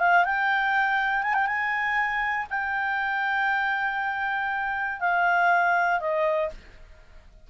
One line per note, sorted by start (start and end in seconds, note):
0.00 0.25 F5
0.25 1.23 G5
1.23 1.34 G#5
1.34 1.46 G5
1.47 2.47 G#5
2.50 5.00 G5
5.00 6.00 F5
6.00 6.50 D#5